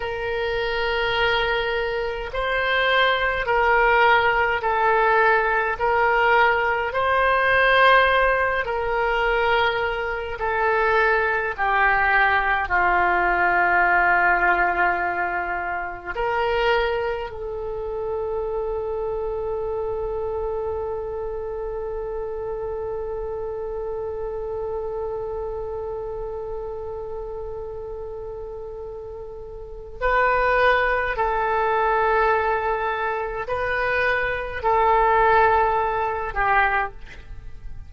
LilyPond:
\new Staff \with { instrumentName = "oboe" } { \time 4/4 \tempo 4 = 52 ais'2 c''4 ais'4 | a'4 ais'4 c''4. ais'8~ | ais'4 a'4 g'4 f'4~ | f'2 ais'4 a'4~ |
a'1~ | a'1~ | a'2 b'4 a'4~ | a'4 b'4 a'4. g'8 | }